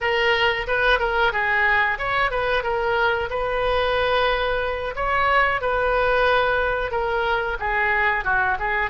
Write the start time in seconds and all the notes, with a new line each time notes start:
0.01 A#4
0.67 B4
0.99 A#4
1.32 G#4
1.98 C#5
2.30 B4
2.63 A#4
3.30 B4
4.95 C#5
5.61 B4
6.91 A#4
7.59 G#4
8.24 F#4
8.59 G#4